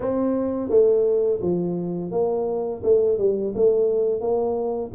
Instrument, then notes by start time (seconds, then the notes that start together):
tuba
0.00 C4
0.69 A3
1.41 F3
2.11 A#3
2.83 A3
3.18 G3
3.55 A3
4.20 A#3